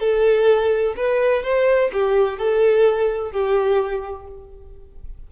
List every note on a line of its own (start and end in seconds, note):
0.00 0.95 A4
0.97 1.44 B4
1.44 1.91 C5
1.93 2.39 G4
2.39 3.32 A4
3.32 4.27 G4